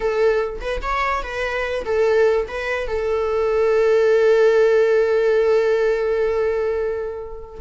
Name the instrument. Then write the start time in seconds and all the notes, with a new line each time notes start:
viola
0.00 A4
0.60 B4
0.82 C#5
1.22 B4
1.85 A4
2.48 B4
2.87 A4